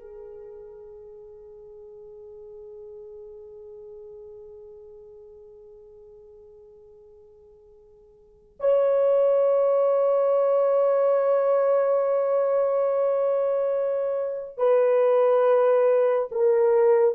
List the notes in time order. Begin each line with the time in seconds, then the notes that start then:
0.00 G#4
8.60 C#5
14.58 B4
16.32 A#4